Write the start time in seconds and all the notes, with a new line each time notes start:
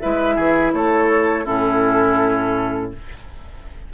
0.00 G#3 E4 B4 E5
0.36 E3 G#4
0.73 A3 A4 C#5
1.45 A2 C#4 E4 A4